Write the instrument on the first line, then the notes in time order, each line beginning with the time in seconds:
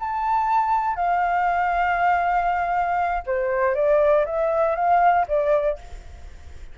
flute
0.00 A5
0.96 F5
3.26 C5
3.75 D5
4.26 E5
4.76 F5
5.28 D5